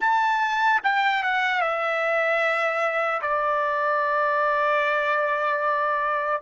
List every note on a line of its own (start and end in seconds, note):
0.00 0.80 A5
0.83 1.23 G5
1.23 1.61 F#5
1.61 3.21 E5
3.21 6.41 D5